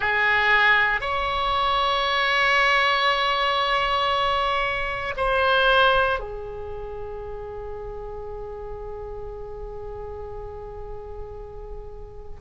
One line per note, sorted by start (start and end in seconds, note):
0.00 1.00 G#4
1.00 5.14 C#5
5.17 6.19 C5
6.19 12.40 G#4